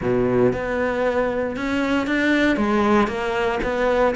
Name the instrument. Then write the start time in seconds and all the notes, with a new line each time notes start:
cello
0.01 B2
0.52 B3
1.56 C#4
2.06 D4
2.56 G#3
3.07 A#3
3.63 B3